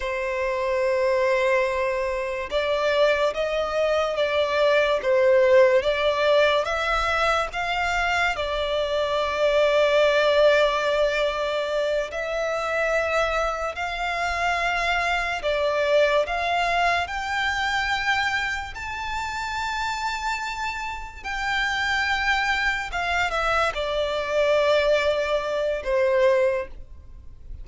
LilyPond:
\new Staff \with { instrumentName = "violin" } { \time 4/4 \tempo 4 = 72 c''2. d''4 | dis''4 d''4 c''4 d''4 | e''4 f''4 d''2~ | d''2~ d''8 e''4.~ |
e''8 f''2 d''4 f''8~ | f''8 g''2 a''4.~ | a''4. g''2 f''8 | e''8 d''2~ d''8 c''4 | }